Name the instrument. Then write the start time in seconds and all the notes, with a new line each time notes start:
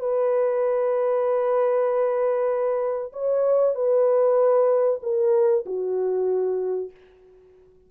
horn
0.00 B4
3.12 C#5
3.75 B4
5.03 A#4
5.66 F#4